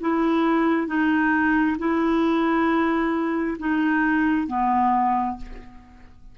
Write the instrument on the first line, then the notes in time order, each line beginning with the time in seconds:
clarinet
0.00 E4
0.87 D#4
1.78 E4
3.59 D#4
4.47 B3